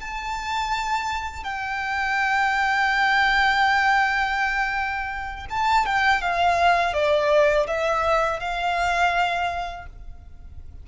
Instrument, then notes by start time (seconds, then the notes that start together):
violin
0.00 A5
1.43 G5
5.49 A5
5.86 G5
6.21 F5
6.93 D5
7.67 E5
8.39 F5